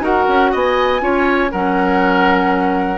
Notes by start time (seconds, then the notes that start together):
0.00 D#4 F#4 A#4 F#5
0.28 C#4
0.51 B3 D#5 G#5
0.99 C#4 F4 C#5
1.51 F#3 C#4 A#4 F#5